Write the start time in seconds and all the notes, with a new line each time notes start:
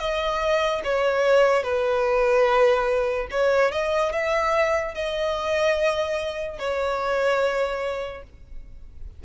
0.00 D#5
0.84 C#5
1.64 B4
3.31 C#5
3.72 D#5
4.13 E5
4.95 D#5
6.59 C#5